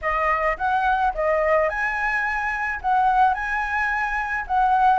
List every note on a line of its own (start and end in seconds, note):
0.01 0.57 D#5
0.57 1.13 F#5
1.14 1.69 D#5
1.69 2.80 G#5
2.81 3.34 F#5
3.34 4.45 G#5
4.47 4.99 F#5